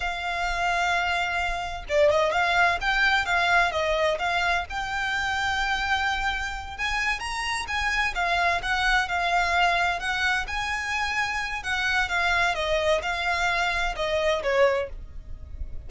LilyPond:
\new Staff \with { instrumentName = "violin" } { \time 4/4 \tempo 4 = 129 f''1 | d''8 dis''8 f''4 g''4 f''4 | dis''4 f''4 g''2~ | g''2~ g''8 gis''4 ais''8~ |
ais''8 gis''4 f''4 fis''4 f''8~ | f''4. fis''4 gis''4.~ | gis''4 fis''4 f''4 dis''4 | f''2 dis''4 cis''4 | }